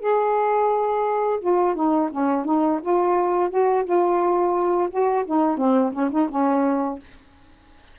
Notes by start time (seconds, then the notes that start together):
0.00 G#4
1.40 F4
1.75 D#4
2.12 C#4
2.45 D#4
2.82 F4
3.50 F#4
3.85 F4
4.90 F#4
5.26 D#4
5.57 C4
5.93 C#4
6.11 D#4
6.29 C#4